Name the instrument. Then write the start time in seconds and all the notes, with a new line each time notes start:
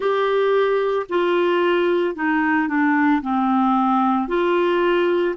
clarinet
0.00 G4
1.09 F4
2.15 D#4
2.68 D4
3.21 C4
4.28 F4